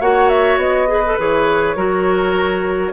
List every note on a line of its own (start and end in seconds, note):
0.00 0.57 A#3
0.00 0.87 F#4
0.00 0.87 C#5
0.00 0.29 F#5
0.29 0.58 E5
0.57 1.15 B3
0.57 1.17 D#5
0.87 1.02 G#4
0.87 1.76 B4
1.06 1.19 A4
1.19 1.75 E3
1.19 1.76 G#4
1.19 2.92 C#5
1.75 2.92 F#3
1.75 2.92 F#4
1.75 2.92 A#4